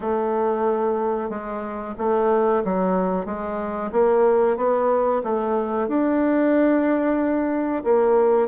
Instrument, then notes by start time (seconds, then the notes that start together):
bassoon
0.00 A3
1.29 G#3
1.97 A3
2.64 F#3
3.25 G#3
3.92 A#3
4.57 B3
5.23 A3
5.88 D4
7.83 A#3